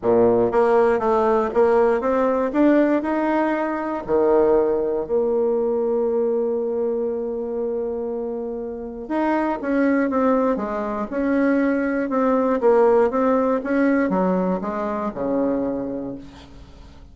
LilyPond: \new Staff \with { instrumentName = "bassoon" } { \time 4/4 \tempo 4 = 119 ais,4 ais4 a4 ais4 | c'4 d'4 dis'2 | dis2 ais2~ | ais1~ |
ais2 dis'4 cis'4 | c'4 gis4 cis'2 | c'4 ais4 c'4 cis'4 | fis4 gis4 cis2 | }